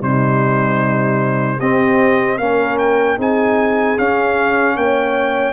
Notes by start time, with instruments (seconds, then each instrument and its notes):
0.00 tuba C3, trombone G3, horn D#4, trumpet C5
1.59 tuba C4, trombone C4, horn G4, trumpet D#5
2.38 tuba A#3, trombone C#4, horn A#4, trumpet F5
2.78 trumpet G5
3.17 tuba C4, trombone D#4, horn G#4, trumpet G#5
3.98 tuba C#4, trombone C#4, trumpet F5
4.76 tuba A#3, horn C#5, trumpet G5